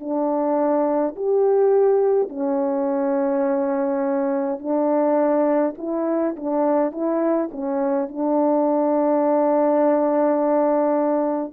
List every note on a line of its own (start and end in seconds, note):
0.00 1.15 D4
1.16 2.29 G4
2.29 4.59 C#4
4.59 5.74 D4
5.78 6.36 E4
6.36 6.92 D4
6.92 7.49 E4
7.51 8.08 C#4
8.08 11.53 D4